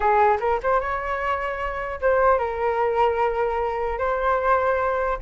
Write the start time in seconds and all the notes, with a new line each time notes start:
0.00 G#4
0.40 A#4
0.63 C5
0.80 C#5
2.01 C5
2.38 A#4
3.98 C5